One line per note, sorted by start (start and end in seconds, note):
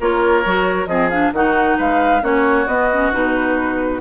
0.00 0.45 A#3
0.00 0.45 F4
0.00 0.89 A#4
0.00 0.86 C#5
0.45 0.86 F#3
0.45 0.88 F#4
0.86 1.31 F3
0.86 1.10 C4
0.86 1.33 G#4
0.86 1.09 D#5
1.09 1.33 D4
1.09 1.32 F5
1.32 1.77 D#3
1.32 2.21 D#4
1.32 1.77 F#4
1.32 1.78 F#5
1.77 2.22 G#3
1.77 2.22 B4
1.77 2.24 F5
2.21 2.66 A#3
2.21 2.66 C#4
2.21 4.00 F#4
2.21 2.67 C#5
2.66 3.11 B3
2.66 2.90 B3
2.66 3.11 D#5
2.92 3.12 C#4
3.11 4.00 B2
3.11 4.00 D#4
3.11 4.00 B4